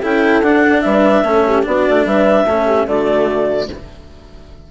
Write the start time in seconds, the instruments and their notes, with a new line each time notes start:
0.00 bassoon C#4, cello E4, horn A4, clarinet G5
0.42 bassoon D4, cello D4, clarinet F#5
0.81 bassoon G3, horn B4, clarinet E5
1.23 bassoon A3, cello C#4, horn A4
1.46 horn G4
1.62 bassoon B3, cello D4, horn F#4, clarinet D5
1.89 bassoon A3
2.05 bassoon G3, horn B4, clarinet E5
2.45 bassoon A3, cello C#4, horn A4
2.66 horn G4
2.86 bassoon D3, cello A3, horn F#4, clarinet D5